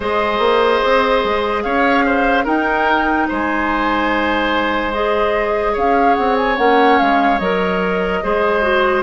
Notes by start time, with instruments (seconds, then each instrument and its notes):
0.00 bassoon G#3, clarinet G#4, oboe C5, flute D#5
0.39 bassoon A#3
0.84 bassoon C4
1.23 bassoon G#3
1.62 bassoon C#4, oboe C#5, flute F5
2.05 oboe C5
2.44 clarinet D#4, bassoon D#4, oboe A#4, flute G5
3.28 bassoon G#3, oboe C5, flute G#5
4.92 clarinet G#4, flute D#5
5.72 bassoon C#4, oboe C#5, flute F5
6.15 bassoon C4, flute F#5
6.36 flute G#5
6.57 bassoon A#3, clarinet C#4, flute F#5
6.98 bassoon G#3, flute F5
7.38 bassoon F#3, clarinet A#4, flute D#5
8.23 bassoon G#3, clarinet G#4, oboe C5
8.61 clarinet F#4